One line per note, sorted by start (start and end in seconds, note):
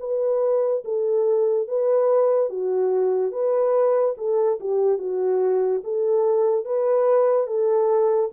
0.00 0.83 B4
0.85 1.68 A4
1.68 2.50 B4
2.50 3.32 F#4
3.32 4.16 B4
4.18 4.59 A4
4.61 4.98 G4
4.98 5.82 F#4
5.84 6.65 A4
6.65 7.47 B4
7.47 8.31 A4